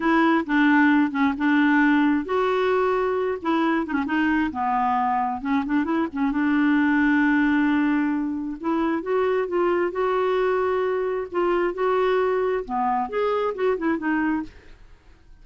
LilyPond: \new Staff \with { instrumentName = "clarinet" } { \time 4/4 \tempo 4 = 133 e'4 d'4. cis'8 d'4~ | d'4 fis'2~ fis'8 e'8~ | e'8 dis'16 cis'16 dis'4 b2 | cis'8 d'8 e'8 cis'8 d'2~ |
d'2. e'4 | fis'4 f'4 fis'2~ | fis'4 f'4 fis'2 | b4 gis'4 fis'8 e'8 dis'4 | }